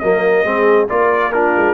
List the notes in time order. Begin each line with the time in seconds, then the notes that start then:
0.00 F#3 A#3 A#4 D#5
0.44 G#3 C4 G#4
0.89 A#3 F4 A#4 D5
1.33 D4 F4 A#4
1.57 G#3